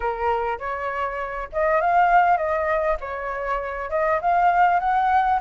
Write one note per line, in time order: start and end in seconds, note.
0.00 0.58 A#4
0.58 1.48 C#5
1.52 1.80 D#5
1.80 2.37 F5
2.37 2.97 D#5
3.00 3.89 C#5
3.89 4.19 D#5
4.21 4.79 F5
4.79 5.39 F#5